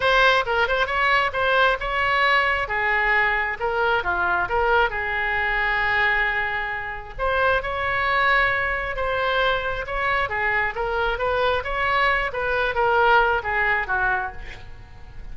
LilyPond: \new Staff \with { instrumentName = "oboe" } { \time 4/4 \tempo 4 = 134 c''4 ais'8 c''8 cis''4 c''4 | cis''2 gis'2 | ais'4 f'4 ais'4 gis'4~ | gis'1 |
c''4 cis''2. | c''2 cis''4 gis'4 | ais'4 b'4 cis''4. b'8~ | b'8 ais'4. gis'4 fis'4 | }